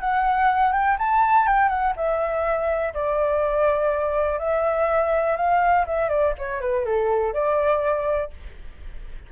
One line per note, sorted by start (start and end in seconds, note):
0.00 0.73 F#5
0.73 0.97 G5
0.98 1.47 A5
1.47 1.69 G5
1.69 1.93 F#5
1.96 2.94 E5
2.94 4.39 D5
4.39 5.37 E5
5.37 5.86 F5
5.86 6.09 E5
6.09 6.33 D5
6.38 6.61 C#5
6.61 6.85 B4
6.85 7.33 A4
7.33 8.31 D5